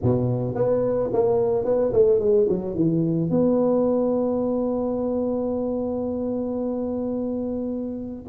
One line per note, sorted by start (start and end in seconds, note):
0.02 0.55 B2
0.55 1.10 B3
1.12 1.64 A#3
1.64 1.92 B3
1.93 2.19 A3
2.19 2.47 G#3
2.48 2.74 F#3
2.74 3.30 E3
3.30 8.25 B3